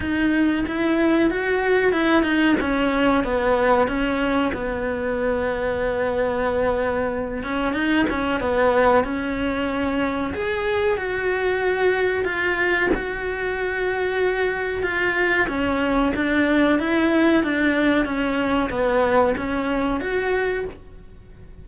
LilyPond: \new Staff \with { instrumentName = "cello" } { \time 4/4 \tempo 4 = 93 dis'4 e'4 fis'4 e'8 dis'8 | cis'4 b4 cis'4 b4~ | b2.~ b8 cis'8 | dis'8 cis'8 b4 cis'2 |
gis'4 fis'2 f'4 | fis'2. f'4 | cis'4 d'4 e'4 d'4 | cis'4 b4 cis'4 fis'4 | }